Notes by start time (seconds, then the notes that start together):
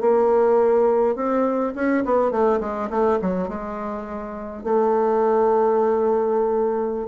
0.00 A#3
1.15 C4
1.75 C#4
2.05 B3
2.31 A3
2.60 G#3
2.90 A3
3.21 F#3
3.48 G#3
4.63 A3